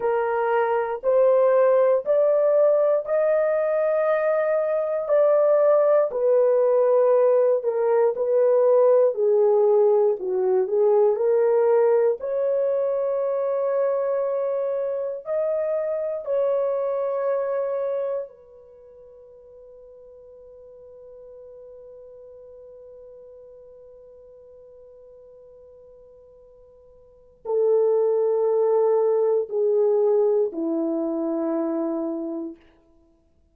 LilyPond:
\new Staff \with { instrumentName = "horn" } { \time 4/4 \tempo 4 = 59 ais'4 c''4 d''4 dis''4~ | dis''4 d''4 b'4. ais'8 | b'4 gis'4 fis'8 gis'8 ais'4 | cis''2. dis''4 |
cis''2 b'2~ | b'1~ | b'2. a'4~ | a'4 gis'4 e'2 | }